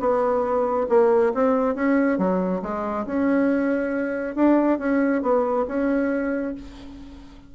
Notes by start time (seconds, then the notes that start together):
0.00 B3
0.89 A#3
1.34 C4
1.75 C#4
2.18 F#3
2.62 G#3
3.06 C#4
4.35 D4
4.79 C#4
5.22 B3
5.68 C#4